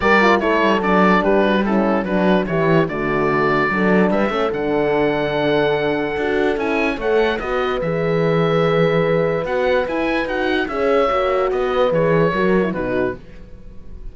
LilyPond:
<<
  \new Staff \with { instrumentName = "oboe" } { \time 4/4 \tempo 4 = 146 d''4 cis''4 d''4 b'4 | a'4 b'4 cis''4 d''4~ | d''2 e''4 fis''4~ | fis''1 |
gis''4 fis''4 dis''4 e''4~ | e''2. fis''4 | gis''4 fis''4 e''2 | dis''4 cis''2 b'4 | }
  \new Staff \with { instrumentName = "horn" } { \time 4/4 ais'4 a'2 g'8 fis'8 | e'4 fis'4 g'4 fis'4~ | fis'4 a'4 b'8 a'4.~ | a'1~ |
a'4 cis''4 b'2~ | b'1~ | b'2 cis''2 | b'2 ais'4 fis'4 | }
  \new Staff \with { instrumentName = "horn" } { \time 4/4 g'8 f'8 e'4 d'2 | cis'4 d'4 e'4 a4~ | a4 d'4. cis'8 d'4~ | d'2. fis'4 |
e'4 a'4 fis'4 gis'4~ | gis'2. fis'4 | e'4 fis'4 gis'4 fis'4~ | fis'4 gis'4 fis'8. e'16 dis'4 | }
  \new Staff \with { instrumentName = "cello" } { \time 4/4 g4 a8 g8 fis4 g4~ | g4 fis4 e4 d4~ | d4 fis4 g8 a8 d4~ | d2. d'4 |
cis'4 a4 b4 e4~ | e2. b4 | e'4 dis'4 cis'4 ais4 | b4 e4 fis4 b,4 | }
>>